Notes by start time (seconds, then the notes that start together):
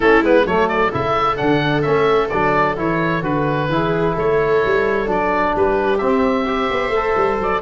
0.00 A3 C#4 E4 A4
0.21 G#3 B3 B4
0.45 F#3 A3 A4 C#5
0.68 D5
0.91 C#3 E4 E5
1.36 D3 D4 F#5
1.82 A3 C#4 E5
2.29 F#3 D4 D5
2.76 E3 E4 C#5
3.22 D3 F#4 B4
3.68 E3 E4 G#4
4.14 A3 A4 C#5
4.64 G3
5.06 F#3 D4 D5
5.55 G3 G4 B4
5.98 C4 E5
6.45 G4 C5
6.70 B3
6.89 A3
6.96 A4
7.16 G3
7.39 F#3 D5